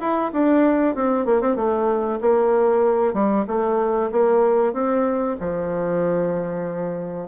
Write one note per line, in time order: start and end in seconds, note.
0.00 0.32 E4
0.33 0.95 D4
0.95 1.26 C4
1.26 1.41 A#3
1.41 1.56 C4
1.56 2.20 A3
2.21 3.14 A#3
3.14 3.46 G3
3.47 4.11 A3
4.12 4.73 A#3
4.73 5.37 C4
5.40 7.28 F3